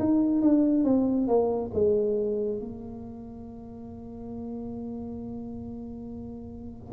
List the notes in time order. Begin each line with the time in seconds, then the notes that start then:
0.00 D#4
0.42 D4
0.85 C4
1.28 A#3
1.74 G#3
2.60 A#3